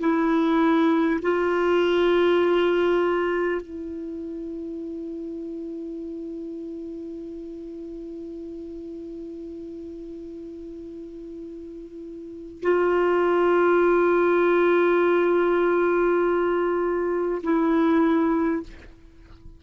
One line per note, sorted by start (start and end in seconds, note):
0.00 1.20 E4
1.22 3.61 F4
3.61 12.61 E4
12.62 17.42 F4
17.43 18.63 E4